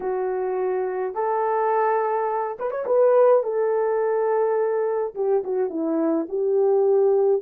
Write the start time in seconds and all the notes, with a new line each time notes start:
0.00 F#4
1.14 A4
2.59 B4
2.71 C#5
2.86 B4
3.43 A4
5.14 G4
5.43 F#4
5.69 E4
6.28 G4